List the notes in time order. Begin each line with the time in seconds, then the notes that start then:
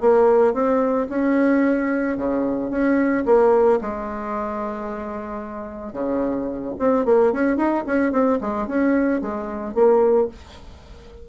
0.00 A#3
0.53 C4
1.09 C#4
2.17 C#3
2.70 C#4
3.25 A#3
3.81 G#3
5.93 C#3
6.79 C4
7.05 A#3
7.32 C#4
7.57 D#4
7.86 C#4
8.12 C4
8.40 G#3
8.67 C#4
9.21 G#3
9.74 A#3